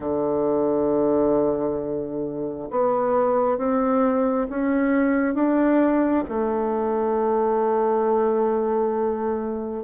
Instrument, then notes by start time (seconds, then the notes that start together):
bassoon
0.00 D3
2.70 B3
3.57 C4
4.49 C#4
5.34 D4
6.28 A3